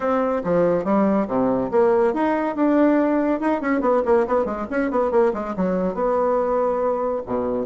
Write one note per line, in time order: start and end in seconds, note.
0.00 0.42 C4
0.44 0.84 F3
0.84 1.27 G3
1.27 1.70 C3
1.71 2.13 A#3
2.13 2.55 D#4
2.55 3.40 D4
3.40 3.61 D#4
3.61 3.81 C#4
3.81 4.02 B3
4.05 4.26 A#3
4.27 4.45 B3
4.45 4.66 G#3
4.70 4.91 C#4
4.91 5.11 B3
5.11 5.32 A#3
5.33 5.54 G#3
5.56 5.94 F#3
5.94 7.22 B3
7.26 7.66 B2